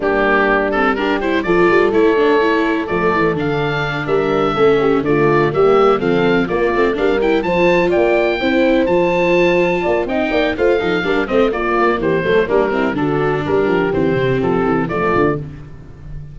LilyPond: <<
  \new Staff \with { instrumentName = "oboe" } { \time 4/4 \tempo 4 = 125 g'4. a'8 ais'8 c''8 d''4 | cis''2 d''4 f''4~ | f''8 e''2 d''4 e''8~ | e''8 f''4 d''4 f''8 g''8 a''8~ |
a''8 g''2 a''4.~ | a''4 g''4 f''4. dis''8 | d''4 c''4 ais'4 a'4 | ais'4 c''4 a'4 d''4 | }
  \new Staff \with { instrumentName = "horn" } { \time 4/4 d'2 g'4 a'4~ | a'1~ | a'8 ais'4 a'8 g'8 f'4 g'8~ | g'8 a'4 f'4 ais'4 c''8~ |
c''8 d''4 c''2~ c''8~ | c''8 d''8 dis''8 d''8 c''8 a'8 ais'8 c''8 | f'4 g'8 a'8 d'8 e'8 fis'4 | g'2. f'4 | }
  \new Staff \with { instrumentName = "viola" } { \time 4/4 ais4. c'8 d'8 e'8 f'4 | e'8 d'8 e'4 a4 d'4~ | d'4. cis'4 a4 ais8~ | ais8 c'4 ais8 c'8 d'8 e'8 f'8~ |
f'4. e'4 f'4.~ | f'4 dis'4 f'8 dis'8 d'8 c'8 | ais4. a8 ais8 c'8 d'4~ | d'4 c'2 a4 | }
  \new Staff \with { instrumentName = "tuba" } { \time 4/4 g2. f8 g8 | a2 f8 e8 d4~ | d8 g4 a4 d4 g8~ | g8 f4 ais8 a8 g4 f8~ |
f8 ais4 c'4 f4.~ | f8 ais8 c'8 ais8 a8 f8 g8 a8 | ais4 e8 fis8 g4 d4 | g8 f8 e8 c8 f8 e8 f8 d8 | }
>>